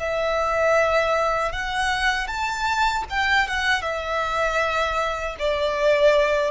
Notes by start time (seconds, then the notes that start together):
0.00 E5
1.53 F#5
2.28 A5
3.10 G5
3.48 F#5
3.82 E5
5.40 D5